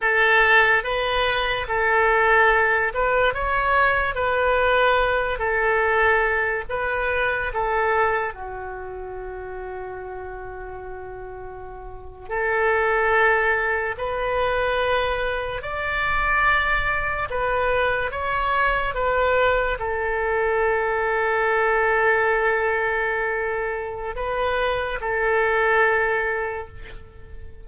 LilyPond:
\new Staff \with { instrumentName = "oboe" } { \time 4/4 \tempo 4 = 72 a'4 b'4 a'4. b'8 | cis''4 b'4. a'4. | b'4 a'4 fis'2~ | fis'2~ fis'8. a'4~ a'16~ |
a'8. b'2 d''4~ d''16~ | d''8. b'4 cis''4 b'4 a'16~ | a'1~ | a'4 b'4 a'2 | }